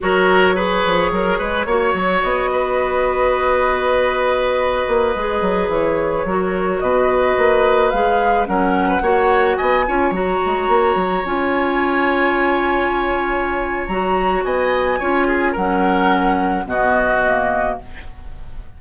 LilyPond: <<
  \new Staff \with { instrumentName = "flute" } { \time 4/4 \tempo 4 = 108 cis''1 | dis''1~ | dis''2~ dis''16 cis''4.~ cis''16~ | cis''16 dis''2 f''4 fis''8.~ |
fis''4~ fis''16 gis''4 ais''4.~ ais''16~ | ais''16 gis''2.~ gis''8.~ | gis''4 ais''4 gis''2 | fis''2 dis''2 | }
  \new Staff \with { instrumentName = "oboe" } { \time 4/4 ais'4 b'4 ais'8 b'8 cis''4~ | cis''8 b'2.~ b'8~ | b'2.~ b'16 ais'8.~ | ais'16 b'2. ais'8. |
b'16 cis''4 dis''8 cis''2~ cis''16~ | cis''1~ | cis''2 dis''4 cis''8 gis'8 | ais'2 fis'2 | }
  \new Staff \with { instrumentName = "clarinet" } { \time 4/4 fis'4 gis'2 fis'4~ | fis'1~ | fis'4~ fis'16 gis'2 fis'8.~ | fis'2~ fis'16 gis'4 cis'8.~ |
cis'16 fis'4. f'8 fis'4.~ fis'16~ | fis'16 f'2.~ f'8.~ | f'4 fis'2 f'4 | cis'2 b4 ais4 | }
  \new Staff \with { instrumentName = "bassoon" } { \time 4/4 fis4. f8 fis8 gis8 ais8 fis8 | b1~ | b8. ais8 gis8 fis8 e4 fis8.~ | fis16 b,4 ais4 gis4 fis8.~ |
fis16 ais4 b8 cis'8 fis8 gis8 ais8 fis16~ | fis16 cis'2.~ cis'8.~ | cis'4 fis4 b4 cis'4 | fis2 b,2 | }
>>